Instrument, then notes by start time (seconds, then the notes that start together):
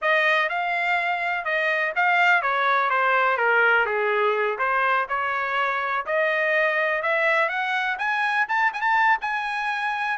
trumpet
0.01 D#5
0.49 F5
1.44 D#5
1.95 F5
2.42 C#5
2.89 C5
3.37 A#4
3.85 G#4
4.58 C5
5.08 C#5
6.06 D#5
7.02 E5
7.48 F#5
7.98 G#5
8.48 A5
8.73 G#5
8.81 A5
9.21 G#5